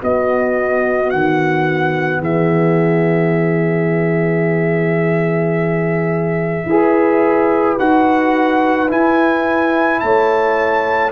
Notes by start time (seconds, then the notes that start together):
0.00 B3 F#4 D#5
1.10 D#3 F#5
2.20 E3 G#4 E5
6.66 E4 G#4 B4
7.79 D#4 F#4 F#5
8.88 E4 G#5
10.00 A3 C#5 A5